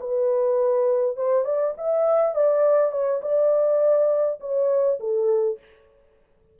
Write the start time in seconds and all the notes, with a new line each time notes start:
0.00 B4
1.17 C5
1.45 D5
1.77 E5
2.35 D5
2.92 C#5
3.22 D5
4.40 C#5
5.00 A4